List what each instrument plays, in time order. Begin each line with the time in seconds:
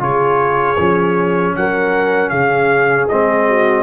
0.00 tuba C#3, trombone F4, horn G#4, trumpet C#5
0.78 tuba F3, trombone C#4
1.57 tuba F#3, horn A#4, trumpet F#5
2.30 tuba C#3, horn G#4, trumpet F5
3.09 tuba G#3, trombone C4, trumpet D#5
3.49 horn F#4